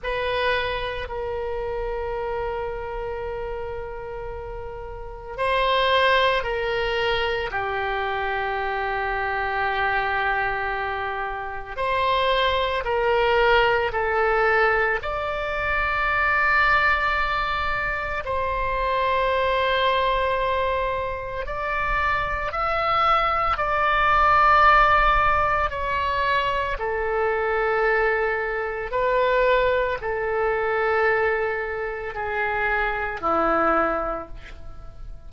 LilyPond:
\new Staff \with { instrumentName = "oboe" } { \time 4/4 \tempo 4 = 56 b'4 ais'2.~ | ais'4 c''4 ais'4 g'4~ | g'2. c''4 | ais'4 a'4 d''2~ |
d''4 c''2. | d''4 e''4 d''2 | cis''4 a'2 b'4 | a'2 gis'4 e'4 | }